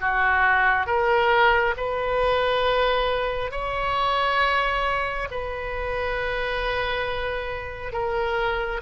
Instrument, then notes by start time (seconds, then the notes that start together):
oboe
0.00 F#4
0.86 A#4
1.76 B4
3.51 C#5
5.31 B4
7.92 A#4